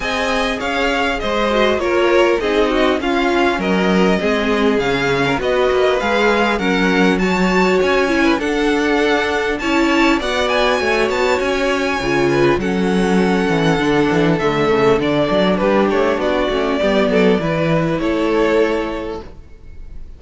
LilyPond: <<
  \new Staff \with { instrumentName = "violin" } { \time 4/4 \tempo 4 = 100 gis''4 f''4 dis''4 cis''4 | dis''4 f''4 dis''2 | f''4 dis''4 f''4 fis''4 | a''4 gis''4 fis''2 |
a''4 fis''8 gis''4 a''8 gis''4~ | gis''4 fis''2. | e''4 d''4 b'8 cis''8 d''4~ | d''2 cis''2 | }
  \new Staff \with { instrumentName = "violin" } { \time 4/4 dis''4 cis''4 c''4 ais'4 | gis'8 fis'8 f'4 ais'4 gis'4~ | gis'8. ais'16 b'2 ais'4 | cis''4.~ cis''16 b'16 a'2 |
cis''4 d''4 cis''2~ | cis''8 b'8 a'2.~ | a'2 g'4 fis'4 | g'8 a'8 b'4 a'2 | }
  \new Staff \with { instrumentName = "viola" } { \time 4/4 gis'2~ gis'8 fis'8 f'4 | dis'4 cis'2 c'4 | cis'4 fis'4 gis'4 cis'4 | fis'4. e'8 d'2 |
e'4 fis'2. | f'4 cis'2 d'4 | a4 d'2~ d'8 cis'8 | b4 e'2. | }
  \new Staff \with { instrumentName = "cello" } { \time 4/4 c'4 cis'4 gis4 ais4 | c'4 cis'4 fis4 gis4 | cis4 b8 ais8 gis4 fis4~ | fis4 cis'4 d'2 |
cis'4 b4 a8 b8 cis'4 | cis4 fis4. e8 d8 e8 | d8 cis8 d8 fis8 g8 a8 b8 a8 | g8 fis8 e4 a2 | }
>>